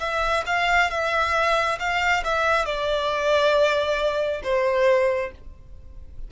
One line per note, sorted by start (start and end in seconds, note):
0.00 0.44 E5
0.47 0.91 F5
0.91 1.79 E5
1.80 2.24 F5
2.25 2.66 E5
2.66 4.42 D5
4.44 5.32 C5